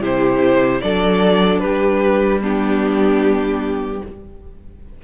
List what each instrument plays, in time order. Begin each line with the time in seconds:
0.00 cello C3, viola E4, violin G4 C5
0.81 cello F#3, viola D4, violin A4 D5
1.59 cello G3, violin G4 B4
2.41 viola B3, violin D4 G4